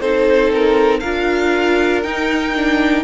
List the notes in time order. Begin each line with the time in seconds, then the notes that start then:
0.00 C4 D#4 A4 C5
0.54 A#4
1.00 D4 F4 A#4 F5
2.03 D#4 G5
2.55 D4